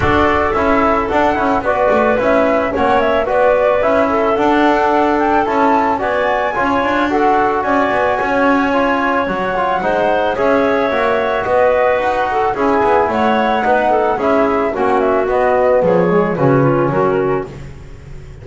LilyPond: <<
  \new Staff \with { instrumentName = "flute" } { \time 4/4 \tempo 4 = 110 d''4 e''4 fis''4 d''4 | e''4 fis''8 e''8 d''4 e''4 | fis''4. g''8 a''4 gis''4~ | gis''4 fis''4 gis''2~ |
gis''4 fis''2 e''4~ | e''4 dis''4 fis''4 gis''4 | fis''2 e''4 fis''8 e''8 | dis''4 cis''4 b'4 ais'4 | }
  \new Staff \with { instrumentName = "clarinet" } { \time 4/4 a'2. b'4~ | b'4 cis''4 b'4. a'8~ | a'2. d''4 | cis''4 a'4 d''4 cis''4~ |
cis''2 c''4 cis''4~ | cis''4 b'4. a'8 gis'4 | cis''4 b'8 a'8 gis'4 fis'4~ | fis'4 gis'4 fis'8 f'8 fis'4 | }
  \new Staff \with { instrumentName = "trombone" } { \time 4/4 fis'4 e'4 d'8 e'8 fis'4 | e'4 cis'4 fis'4 e'4 | d'2 e'4 fis'4 | f'4 fis'2. |
f'4 fis'8 f'8 dis'4 gis'4 | fis'2. e'4~ | e'4 dis'4 e'4 cis'4 | b4. gis8 cis'2 | }
  \new Staff \with { instrumentName = "double bass" } { \time 4/4 d'4 cis'4 d'8 cis'8 b8 a8 | cis'4 ais4 b4 cis'4 | d'2 cis'4 b4 | cis'8 d'4. cis'8 b8 cis'4~ |
cis'4 fis4 gis4 cis'4 | ais4 b4 dis'4 cis'8 b8 | a4 b4 cis'4 ais4 | b4 f4 cis4 fis4 | }
>>